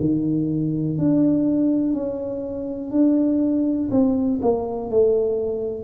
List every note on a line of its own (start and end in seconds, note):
0.00 0.98 D#3
0.98 1.94 D4
1.94 2.92 C#4
2.92 3.90 D4
3.91 4.40 C4
4.42 4.90 A#3
4.90 5.85 A3